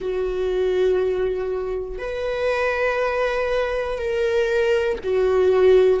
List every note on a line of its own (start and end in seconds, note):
0.00 1.98 F#4
1.98 3.98 B4
3.98 4.98 A#4
5.03 6.00 F#4